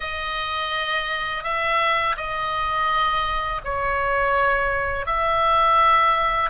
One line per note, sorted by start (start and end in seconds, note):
0.00 1.43 D#5
1.43 2.16 E5
2.16 3.61 D#5
3.64 5.05 C#5
5.05 6.50 E5